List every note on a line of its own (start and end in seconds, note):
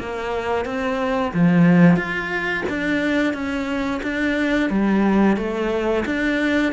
0.00 0.65 A#3
0.65 1.33 C4
1.34 1.96 F3
1.96 2.64 F4
2.69 3.34 D4
3.34 4.01 C#4
4.03 4.70 D4
4.70 5.37 G3
5.37 6.05 A3
6.06 6.73 D4